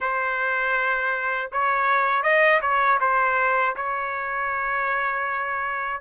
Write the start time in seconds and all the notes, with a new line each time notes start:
0.00 C5
1.51 C#5
2.22 D#5
2.61 C#5
3.00 C5
3.76 C#5